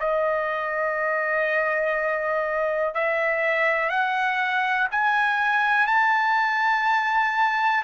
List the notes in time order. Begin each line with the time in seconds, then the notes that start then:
0.00 D#5
2.95 E5
3.90 F#5
4.92 G#5
5.87 A5